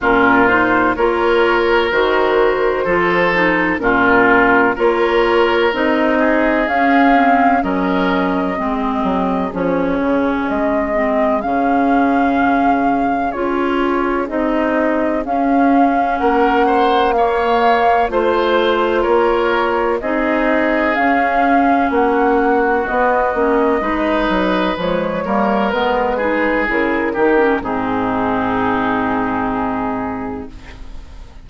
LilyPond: <<
  \new Staff \with { instrumentName = "flute" } { \time 4/4 \tempo 4 = 63 ais'8 c''8 cis''4 c''2 | ais'4 cis''4 dis''4 f''4 | dis''2 cis''4 dis''4 | f''2 cis''4 dis''4 |
f''4 fis''4 f''4 c''4 | cis''4 dis''4 f''4 fis''4 | dis''2 cis''4 b'4 | ais'4 gis'2. | }
  \new Staff \with { instrumentName = "oboe" } { \time 4/4 f'4 ais'2 a'4 | f'4 ais'4. gis'4. | ais'4 gis'2.~ | gis'1~ |
gis'4 ais'8 c''8 cis''4 c''4 | ais'4 gis'2 fis'4~ | fis'4 b'4. ais'4 gis'8~ | gis'8 g'8 dis'2. | }
  \new Staff \with { instrumentName = "clarinet" } { \time 4/4 cis'8 dis'8 f'4 fis'4 f'8 dis'8 | cis'4 f'4 dis'4 cis'8 c'8 | cis'4 c'4 cis'4. c'8 | cis'2 f'4 dis'4 |
cis'2 ais4 f'4~ | f'4 dis'4 cis'2 | b8 cis'8 dis'4 gis8 ais8 b8 dis'8 | e'8 dis'16 cis'16 c'2. | }
  \new Staff \with { instrumentName = "bassoon" } { \time 4/4 ais,4 ais4 dis4 f4 | ais,4 ais4 c'4 cis'4 | fis4 gis8 fis8 f8 cis8 gis4 | cis2 cis'4 c'4 |
cis'4 ais2 a4 | ais4 c'4 cis'4 ais4 | b8 ais8 gis8 fis8 f8 g8 gis4 | cis8 dis8 gis,2. | }
>>